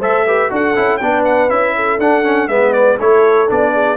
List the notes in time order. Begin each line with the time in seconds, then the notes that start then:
0.00 A3 A4 C5 E5
0.27 G4 B4
0.50 D4 F#4 A4 F#5
0.76 C#4 E4
0.97 B3 D4 B4 G5
1.25 F#5
1.50 C#4 E4 E5
1.76 A4
1.99 D4 F#5
2.24 C#4
2.48 G#3 B3 B4 E5
2.73 D5
2.98 A3 E4 A4 C#5
3.48 B3 D4 D5
3.73 G#4